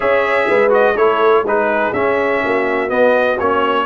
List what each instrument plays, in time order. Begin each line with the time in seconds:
0.00 tuba C#4, trombone G#4, horn C#5, trumpet E5
0.48 tuba G#3, horn B4
0.69 trombone F#4, trumpet D#5
0.96 tuba A3, trombone E4, horn A4, trumpet C#5
1.43 tuba G#3, trombone D#4, horn G#4, trumpet B4
1.93 tuba C#4, trombone C#4, trumpet E5
2.43 tuba A#3, horn F#4
2.88 trombone B3, tuba B3, trumpet D#5
3.39 tuba A#3, trombone C#4, trumpet C#5